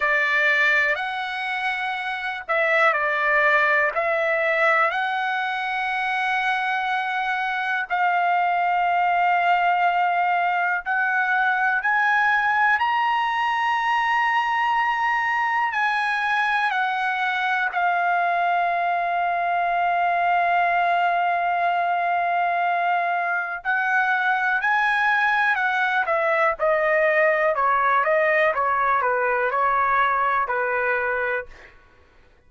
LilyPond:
\new Staff \with { instrumentName = "trumpet" } { \time 4/4 \tempo 4 = 61 d''4 fis''4. e''8 d''4 | e''4 fis''2. | f''2. fis''4 | gis''4 ais''2. |
gis''4 fis''4 f''2~ | f''1 | fis''4 gis''4 fis''8 e''8 dis''4 | cis''8 dis''8 cis''8 b'8 cis''4 b'4 | }